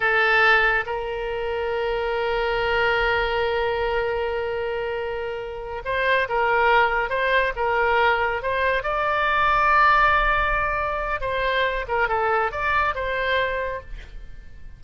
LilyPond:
\new Staff \with { instrumentName = "oboe" } { \time 4/4 \tempo 4 = 139 a'2 ais'2~ | ais'1~ | ais'1~ | ais'4. c''4 ais'4.~ |
ais'8 c''4 ais'2 c''8~ | c''8 d''2.~ d''8~ | d''2 c''4. ais'8 | a'4 d''4 c''2 | }